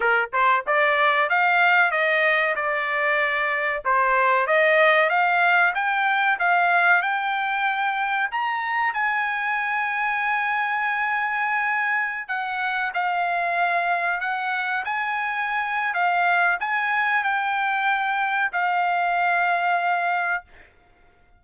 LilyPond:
\new Staff \with { instrumentName = "trumpet" } { \time 4/4 \tempo 4 = 94 ais'8 c''8 d''4 f''4 dis''4 | d''2 c''4 dis''4 | f''4 g''4 f''4 g''4~ | g''4 ais''4 gis''2~ |
gis''2.~ gis''16 fis''8.~ | fis''16 f''2 fis''4 gis''8.~ | gis''4 f''4 gis''4 g''4~ | g''4 f''2. | }